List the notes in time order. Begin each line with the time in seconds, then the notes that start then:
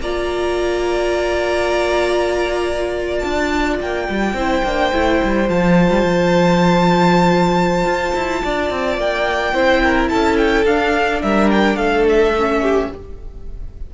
0.00 A#3 F4 D5 A#5
3.19 D4 A5
3.80 A#3 G5
4.09 G3
4.33 C4 E4 C5
4.63 A#3 D4
4.92 A3 E4
5.23 G3
5.48 F3 F4 A5
5.90 G3
6.02 F3
7.85 F4
8.15 E4
8.44 D4 D5
8.70 C4
8.97 A#3 G5
9.53 C4 E4 C5
9.83 A#4
10.08 C#4 A4 A5
10.37 G5
10.65 D4 F5
11.22 G3 A#4 E5
11.51 G5
11.75 A3 A4 F5
12.09 E5
12.38 C#4
12.62 G4